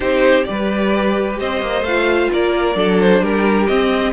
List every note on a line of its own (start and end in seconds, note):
0.00 0.47 C4
0.00 0.43 D#4
0.00 0.46 G4
0.00 0.44 C5
0.44 1.40 G3
0.44 1.83 G4
0.44 1.39 B4
0.44 1.36 D5
1.39 1.61 C4
1.39 2.31 C5
1.39 1.84 D#5
1.61 1.81 A#3
1.81 2.27 A3
1.81 2.30 F5
1.87 2.75 F4
2.32 2.75 A#3
2.32 2.76 A#4
2.32 3.00 D5
2.75 3.21 F#3
2.75 3.67 D4
2.75 3.21 A4
3.00 3.23 C5
3.21 3.67 G3
3.21 4.13 G4
3.21 3.67 A#4
3.67 4.13 C4
3.67 4.13 D#5